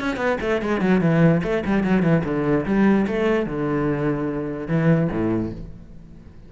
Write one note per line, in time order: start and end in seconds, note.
0.00 0.16 C#4
0.16 0.37 B3
0.41 0.61 A3
0.61 0.80 G#3
0.80 1.01 F#3
1.01 1.41 E3
1.43 1.64 A3
1.65 1.83 G3
1.83 2.02 F#3
2.02 2.23 E3
2.24 2.65 D3
2.65 3.06 G3
3.07 3.46 A3
3.46 4.67 D3
4.67 5.08 E3
5.11 5.52 A2